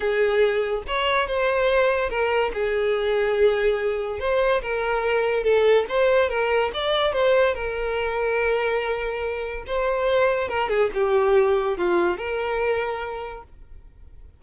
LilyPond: \new Staff \with { instrumentName = "violin" } { \time 4/4 \tempo 4 = 143 gis'2 cis''4 c''4~ | c''4 ais'4 gis'2~ | gis'2 c''4 ais'4~ | ais'4 a'4 c''4 ais'4 |
d''4 c''4 ais'2~ | ais'2. c''4~ | c''4 ais'8 gis'8 g'2 | f'4 ais'2. | }